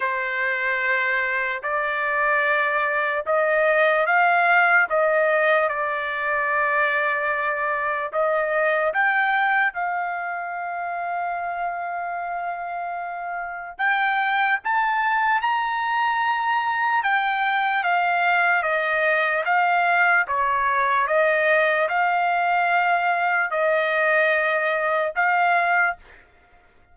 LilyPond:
\new Staff \with { instrumentName = "trumpet" } { \time 4/4 \tempo 4 = 74 c''2 d''2 | dis''4 f''4 dis''4 d''4~ | d''2 dis''4 g''4 | f''1~ |
f''4 g''4 a''4 ais''4~ | ais''4 g''4 f''4 dis''4 | f''4 cis''4 dis''4 f''4~ | f''4 dis''2 f''4 | }